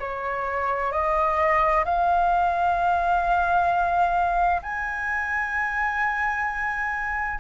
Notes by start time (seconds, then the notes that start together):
0.00 C#5
0.92 D#5
1.85 F5
4.63 G#5